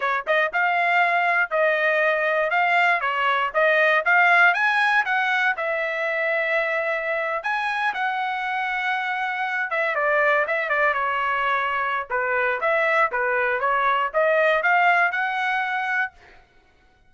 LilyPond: \new Staff \with { instrumentName = "trumpet" } { \time 4/4 \tempo 4 = 119 cis''8 dis''8 f''2 dis''4~ | dis''4 f''4 cis''4 dis''4 | f''4 gis''4 fis''4 e''4~ | e''2~ e''8. gis''4 fis''16~ |
fis''2.~ fis''16 e''8 d''16~ | d''8. e''8 d''8 cis''2~ cis''16 | b'4 e''4 b'4 cis''4 | dis''4 f''4 fis''2 | }